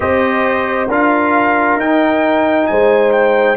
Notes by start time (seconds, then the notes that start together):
0.00 C4 G4 C5 D#5
0.87 D4 F4 A#4 F5
1.76 D#4 G5
2.66 G#3 C5 G#5
3.12 G5